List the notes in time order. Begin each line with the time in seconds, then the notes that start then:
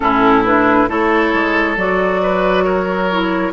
0.00 A2 C#4 E4 A4
0.44 D4 B4
0.87 A3 E4 A4 C#5
1.33 G#3
1.76 F#3 F#4 D5
2.22 B4
2.64 A#4 C#5
3.10 E4